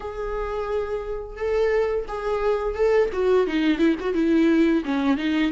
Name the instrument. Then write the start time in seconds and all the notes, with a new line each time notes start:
viola
0.00 G#4
1.36 A4
2.08 G#4
2.75 A4
3.12 F#4
3.47 D#4
3.78 E4
3.99 F#4
4.14 E4
4.84 C#4
5.17 D#4